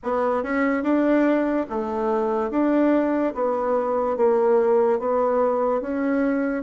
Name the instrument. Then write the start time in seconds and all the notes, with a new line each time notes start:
bassoon
0.03 B3
0.43 C#4
0.83 D4
1.69 A3
2.50 D4
3.34 B3
4.17 A#3
4.99 B3
5.81 C#4